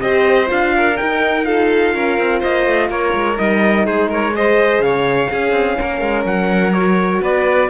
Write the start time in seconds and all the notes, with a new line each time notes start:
0.00 C4 G4 C5 D#5
0.46 D4 F4 F5
0.76 A#4
0.96 D#4 G5
1.44 F4 A4 F5
1.94 C#4 A#4
2.18 C4
2.39 A#3 C5 D#5
2.66 A3
2.89 A#3 A#4 C#5
3.14 G#3
3.36 G3 D#4 D#5
3.85 G#3 G#4 C5
4.09 A#4 C#5
4.33 G#4 C5 D#5
4.79 C#3 C#5 F5
5.30 C#4 G#4
5.51 C4
5.78 A#3 A#4
6.01 G#3
6.25 F#3 F#5
6.72 F#4 C#5
7.21 B3 B4 D5